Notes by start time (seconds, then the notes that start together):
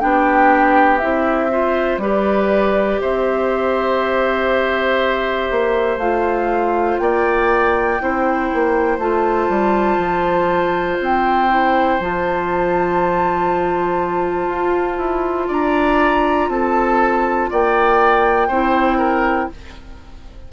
0.00 B3 D4 G4 G5
0.99 C4 E4 E5
1.51 F4 C5
1.98 G3 G4 B4 D5
3.01 C4 C5 E5
5.51 A#3
5.97 A3 F4 F5
6.98 A#3 D5 G5
8.00 C4 E4 C5
8.54 A#3
8.98 A3 F4 A5
9.49 G3
9.98 F3
11.00 C4 G5
11.50 E4
12.00 F3 F4 A5
14.48 F4
14.98 E4
15.48 D4 D5 A#5
16.49 C4 A4 A5
17.50 A#3 D5 G5
18.48 C4 E4 C5
18.98 A#4